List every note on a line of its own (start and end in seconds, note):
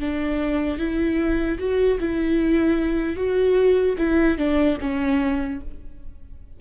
0.00 0.78 D4
0.78 1.58 E4
1.59 1.99 F#4
2.00 3.16 E4
3.16 3.96 F#4
3.98 4.38 E4
4.38 4.78 D4
4.81 5.61 C#4